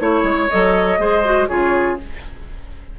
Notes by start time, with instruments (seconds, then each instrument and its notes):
0.00 bassoon A3, clarinet E4, flute C#5, oboe C#5
0.23 bassoon G#3
0.50 bassoon F#3, clarinet A4, flute D#5
0.99 bassoon G#3, clarinet G#4, oboe C5
1.25 clarinet F#4
1.48 bassoon C#3, clarinet F4, oboe G#4, flute C#5